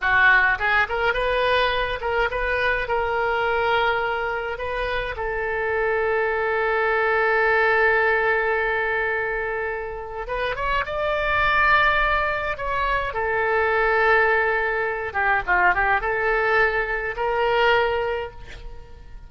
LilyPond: \new Staff \with { instrumentName = "oboe" } { \time 4/4 \tempo 4 = 105 fis'4 gis'8 ais'8 b'4. ais'8 | b'4 ais'2. | b'4 a'2.~ | a'1~ |
a'2 b'8 cis''8 d''4~ | d''2 cis''4 a'4~ | a'2~ a'8 g'8 f'8 g'8 | a'2 ais'2 | }